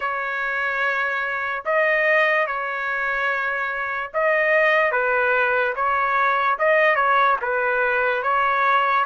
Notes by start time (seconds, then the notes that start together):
0.00 C#5
1.65 D#5
2.47 C#5
4.13 D#5
4.91 B4
5.75 C#5
6.58 D#5
6.95 C#5
7.41 B4
8.22 C#5